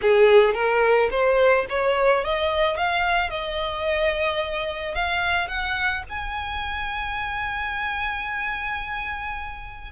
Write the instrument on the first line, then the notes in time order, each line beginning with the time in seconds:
violin
0.01 G#4
0.54 A#4
1.11 C5
1.69 C#5
2.24 D#5
2.77 F5
3.30 D#5
4.94 F5
5.48 F#5
6.09 G#5